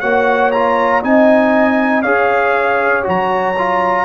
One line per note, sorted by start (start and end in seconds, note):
0.00 1.03 A#3
0.00 0.53 F#4
0.00 1.02 C#5
0.00 0.51 F#5
0.51 1.02 F4
0.51 1.02 A#5
1.02 2.04 C4
1.02 2.04 D#4
1.02 2.03 D#5
1.02 2.02 G#5
2.02 3.06 C#4
2.02 3.03 G#4
2.02 4.05 C#5
2.02 3.04 F5
3.03 4.05 F#3
3.03 3.54 F#4
3.03 4.05 A#5
3.58 4.05 F4